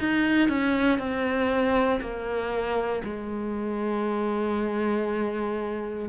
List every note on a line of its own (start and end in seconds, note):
0.00 0.49 D#4
0.49 0.99 C#4
0.99 2.01 C4
2.01 3.03 A#3
3.05 6.10 G#3